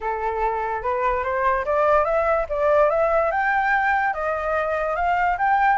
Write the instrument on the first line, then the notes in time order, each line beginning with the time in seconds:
flute
0.01 A4
0.82 B4
1.23 C5
1.65 D5
2.04 E5
2.49 D5
2.89 E5
3.31 G5
4.13 D#5
4.95 F5
5.38 G5